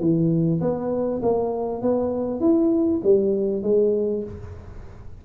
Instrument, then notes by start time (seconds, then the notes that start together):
tuba
0.00 E3
0.61 B3
1.23 A#3
1.82 B3
2.40 E4
3.04 G3
3.63 G#3